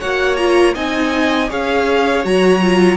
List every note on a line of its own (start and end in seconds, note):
0.00 0.76 A#3
0.00 0.38 F#4
0.00 0.75 C#5
0.00 0.37 F#5
0.37 0.76 F4
0.37 0.74 A#5
0.75 1.51 C4
0.75 1.49 D#4
0.75 1.50 D#5
0.75 1.51 G#5
1.49 2.25 C#4
1.49 2.24 G#4
1.49 2.98 C#5
1.49 2.26 F5
2.24 2.98 F#3
2.24 2.61 F#4
2.24 2.98 A#5
2.62 2.98 F4